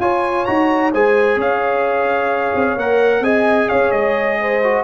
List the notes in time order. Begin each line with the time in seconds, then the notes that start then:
0.00 F4 C#5 G#5
0.46 D#4 F#4 A#5
0.93 G#3 G#4 C5 G#5
1.37 C#4 C#5 F5
2.55 C4
2.77 A#3 A#4 F#5
3.21 C4 G#4 D#5 G#5
3.69 C#4 C#5 F5
3.92 G#3 D#5
4.41 C5
4.64 F#4